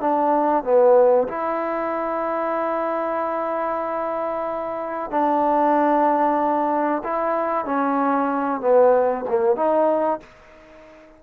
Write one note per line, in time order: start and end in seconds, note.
0.00 0.64 D4
0.64 1.27 B3
1.28 5.11 E4
5.11 7.02 D4
7.03 7.65 E4
7.65 8.61 C#4
8.61 9.25 B3
9.28 9.56 A#3
9.56 10.20 D#4